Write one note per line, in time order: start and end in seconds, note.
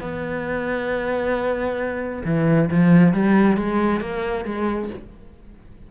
0.00 2.22 B3
2.25 2.69 E3
2.70 3.13 F3
3.13 3.57 G3
3.57 4.00 G#3
4.00 4.45 A#3
4.45 4.89 G#3